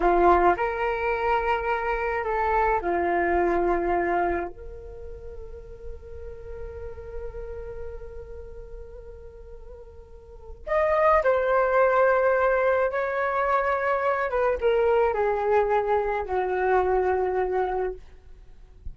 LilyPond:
\new Staff \with { instrumentName = "flute" } { \time 4/4 \tempo 4 = 107 f'4 ais'2. | a'4 f'2. | ais'1~ | ais'1~ |
ais'2. dis''4 | c''2. cis''4~ | cis''4. b'8 ais'4 gis'4~ | gis'4 fis'2. | }